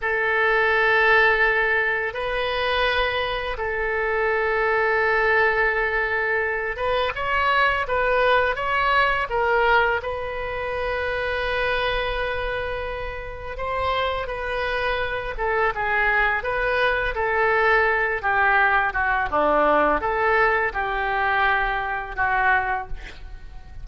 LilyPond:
\new Staff \with { instrumentName = "oboe" } { \time 4/4 \tempo 4 = 84 a'2. b'4~ | b'4 a'2.~ | a'4. b'8 cis''4 b'4 | cis''4 ais'4 b'2~ |
b'2. c''4 | b'4. a'8 gis'4 b'4 | a'4. g'4 fis'8 d'4 | a'4 g'2 fis'4 | }